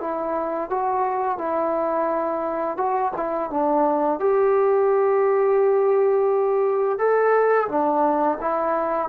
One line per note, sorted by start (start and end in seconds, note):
0.00 0.69 E4
0.69 1.38 F#4
1.38 2.77 E4
2.77 3.12 F#4
3.16 3.50 E4
3.50 4.19 D4
4.19 6.98 G4
6.98 7.68 A4
7.68 8.38 D4
8.40 9.08 E4